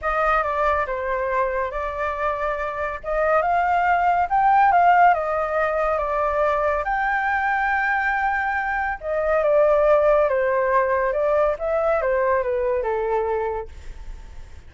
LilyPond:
\new Staff \with { instrumentName = "flute" } { \time 4/4 \tempo 4 = 140 dis''4 d''4 c''2 | d''2. dis''4 | f''2 g''4 f''4 | dis''2 d''2 |
g''1~ | g''4 dis''4 d''2 | c''2 d''4 e''4 | c''4 b'4 a'2 | }